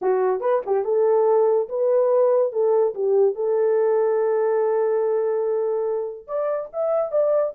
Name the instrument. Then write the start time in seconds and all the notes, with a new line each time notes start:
horn
0.01 F#4
0.40 B4
0.66 G4
0.84 A4
1.68 B4
2.52 A4
2.94 G4
3.35 A4
6.27 D5
6.72 E5
7.11 D5